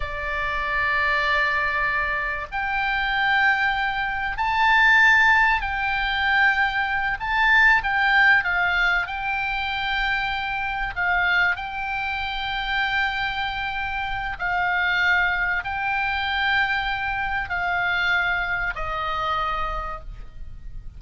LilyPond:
\new Staff \with { instrumentName = "oboe" } { \time 4/4 \tempo 4 = 96 d''1 | g''2. a''4~ | a''4 g''2~ g''8 a''8~ | a''8 g''4 f''4 g''4.~ |
g''4. f''4 g''4.~ | g''2. f''4~ | f''4 g''2. | f''2 dis''2 | }